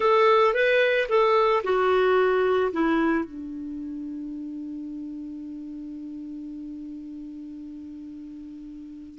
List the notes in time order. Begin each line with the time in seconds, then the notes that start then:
0.00 A4
0.54 B4
1.08 A4
1.63 F#4
2.72 E4
3.24 D4